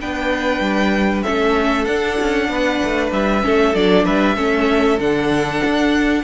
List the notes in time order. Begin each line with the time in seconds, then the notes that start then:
0.00 B3 D4 B4 G5
0.60 G3
1.23 A3 C#4 A4 E5
1.85 D4 F#5
2.20 C#4
2.49 B3 B4
2.84 A3
3.12 G3 E5
3.42 A3 C#4 A4
3.75 F#3 D4 D5
4.05 G3 B4 E5
4.36 A3 C#4 A4
4.99 D3 D4 F#5
5.65 D4